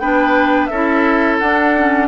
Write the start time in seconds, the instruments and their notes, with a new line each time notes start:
0.00 bassoon B3, clarinet D4, oboe B4, flute G5
0.66 bassoon C#4, oboe A4, flute E5
0.74 clarinet E4
1.39 bassoon D4, clarinet D4, flute F#5
1.77 clarinet C#4